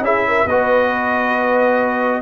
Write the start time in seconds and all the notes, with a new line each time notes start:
0.00 C#4 E4 G#4 E5
0.27 A#4
0.45 B3 F#4 B4 D#5